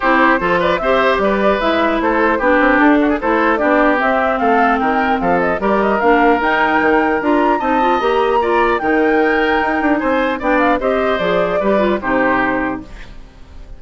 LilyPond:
<<
  \new Staff \with { instrumentName = "flute" } { \time 4/4 \tempo 4 = 150 c''4. d''8 e''4 d''4 | e''4 c''4 b'4 a'4 | c''4 d''4 e''4 f''4 | g''4 f''8 dis''8 d''8 dis''8 f''4 |
g''2 ais''4 a''4 | ais''2 g''2~ | g''4 gis''4 g''8 f''8 dis''4 | d''2 c''2 | }
  \new Staff \with { instrumentName = "oboe" } { \time 4/4 g'4 a'8 b'8 c''4 b'4~ | b'4 a'4 g'4. fis'16 gis'16 | a'4 g'2 a'4 | ais'4 a'4 ais'2~ |
ais'2. dis''4~ | dis''4 d''4 ais'2~ | ais'4 c''4 d''4 c''4~ | c''4 b'4 g'2 | }
  \new Staff \with { instrumentName = "clarinet" } { \time 4/4 e'4 f'4 g'2 | e'2 d'2 | e'4 d'4 c'2~ | c'2 g'4 d'4 |
dis'2 f'4 dis'8 f'8 | g'4 f'4 dis'2~ | dis'2 d'4 g'4 | gis'4 g'8 f'8 dis'2 | }
  \new Staff \with { instrumentName = "bassoon" } { \time 4/4 c'4 f4 c'4 g4 | gis4 a4 b8 c'8 d'4 | a4 b4 c'4 a4 | dis4 f4 g4 ais4 |
dis'4 dis4 d'4 c'4 | ais2 dis2 | dis'8 d'8 c'4 b4 c'4 | f4 g4 c2 | }
>>